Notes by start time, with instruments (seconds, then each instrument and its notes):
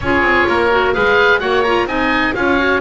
0.00 double bass C#4, clarinet F4, oboe G#4 C#5
0.21 double bass C4
0.47 double bass A#3, oboe A#4
0.70 clarinet F#4
0.93 double bass G#3, clarinet G#4, oboe B4 F5
1.39 double bass A#3, clarinet F#4, oboe C#5 F#5
1.63 clarinet F4, oboe A#5
1.85 double bass C4, clarinet D#4, oboe D#5 G#5
2.34 double bass C#4, clarinet F4, oboe C#5 F5
2.58 clarinet F#4